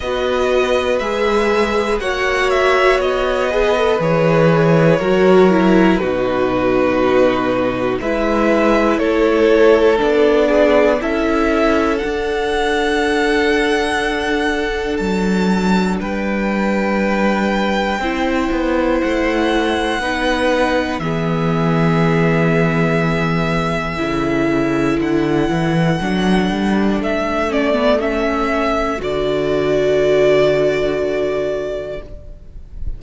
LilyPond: <<
  \new Staff \with { instrumentName = "violin" } { \time 4/4 \tempo 4 = 60 dis''4 e''4 fis''8 e''8 dis''4 | cis''2 b'2 | e''4 cis''4 d''4 e''4 | fis''2. a''4 |
g''2. fis''4~ | fis''4 e''2.~ | e''4 fis''2 e''8 d''8 | e''4 d''2. | }
  \new Staff \with { instrumentName = "violin" } { \time 4/4 b'2 cis''4. b'8~ | b'4 ais'4 fis'2 | b'4 a'4. gis'8 a'4~ | a'1 |
b'2 c''2 | b'4 gis'2. | a'1~ | a'1 | }
  \new Staff \with { instrumentName = "viola" } { \time 4/4 fis'4 gis'4 fis'4. gis'16 a'16 | gis'4 fis'8 e'8 dis'2 | e'2 d'4 e'4 | d'1~ |
d'2 e'2 | dis'4 b2. | e'2 d'4. cis'16 b16 | cis'4 fis'2. | }
  \new Staff \with { instrumentName = "cello" } { \time 4/4 b4 gis4 ais4 b4 | e4 fis4 b,2 | gis4 a4 b4 cis'4 | d'2. fis4 |
g2 c'8 b8 a4 | b4 e2. | cis4 d8 e8 fis8 g8 a4~ | a4 d2. | }
>>